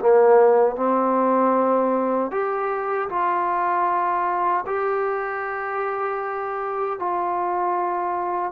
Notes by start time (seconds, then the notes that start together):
0.00 A#3
0.76 C4
2.31 G4
3.09 F4
4.66 G4
6.99 F4